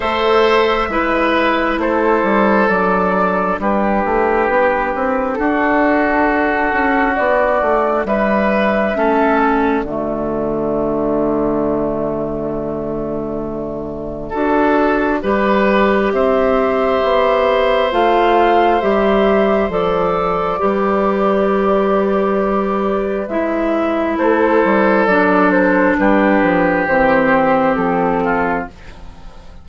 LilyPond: <<
  \new Staff \with { instrumentName = "flute" } { \time 4/4 \tempo 4 = 67 e''2 c''4 d''4 | b'2 a'2 | d''4 e''4. d''4.~ | d''1~ |
d''2 e''2 | f''4 e''4 d''2~ | d''2 e''4 c''4 | d''8 c''8 b'4 c''4 a'4 | }
  \new Staff \with { instrumentName = "oboe" } { \time 4/4 c''4 b'4 a'2 | g'2 fis'2~ | fis'4 b'4 a'4 fis'4~ | fis'1 |
a'4 b'4 c''2~ | c''2. b'4~ | b'2. a'4~ | a'4 g'2~ g'8 f'8 | }
  \new Staff \with { instrumentName = "clarinet" } { \time 4/4 a'4 e'2 d'4~ | d'1~ | d'2 cis'4 a4~ | a1 |
fis'4 g'2. | f'4 g'4 a'4 g'4~ | g'2 e'2 | d'2 c'2 | }
  \new Staff \with { instrumentName = "bassoon" } { \time 4/4 a4 gis4 a8 g8 fis4 | g8 a8 b8 c'8 d'4. cis'8 | b8 a8 g4 a4 d4~ | d1 |
d'4 g4 c'4 b4 | a4 g4 f4 g4~ | g2 gis4 a8 g8 | fis4 g8 f8 e4 f4 | }
>>